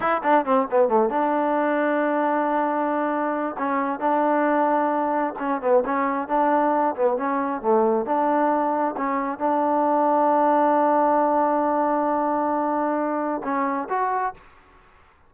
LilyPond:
\new Staff \with { instrumentName = "trombone" } { \time 4/4 \tempo 4 = 134 e'8 d'8 c'8 b8 a8 d'4.~ | d'1 | cis'4 d'2. | cis'8 b8 cis'4 d'4. b8 |
cis'4 a4 d'2 | cis'4 d'2.~ | d'1~ | d'2 cis'4 fis'4 | }